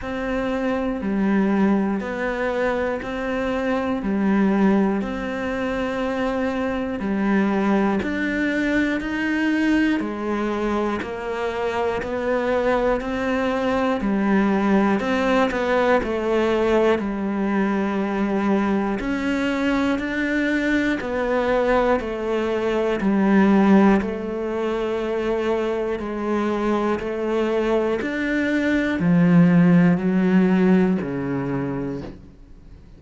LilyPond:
\new Staff \with { instrumentName = "cello" } { \time 4/4 \tempo 4 = 60 c'4 g4 b4 c'4 | g4 c'2 g4 | d'4 dis'4 gis4 ais4 | b4 c'4 g4 c'8 b8 |
a4 g2 cis'4 | d'4 b4 a4 g4 | a2 gis4 a4 | d'4 f4 fis4 cis4 | }